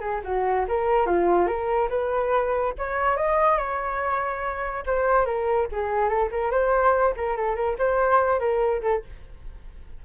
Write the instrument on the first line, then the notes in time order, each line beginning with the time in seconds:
flute
0.00 G#4
0.24 F#4
0.68 A#4
1.06 F4
1.46 A#4
1.89 B4
2.78 C#5
3.16 D#5
3.58 C#5
4.86 C5
5.25 A#4
5.71 G#4
6.08 A4
6.31 A#4
6.51 C5
7.16 A#4
7.37 A4
7.55 A#4
7.78 C5
8.39 A#4
8.82 A4